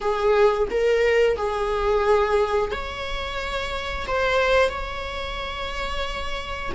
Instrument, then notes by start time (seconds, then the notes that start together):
viola
0.00 G#4
0.70 A#4
1.36 G#4
2.71 C#5
4.07 C5
4.69 C#5